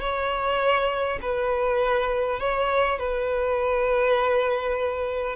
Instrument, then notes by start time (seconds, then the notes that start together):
violin
0.00 C#5
1.21 B4
2.39 C#5
2.98 B4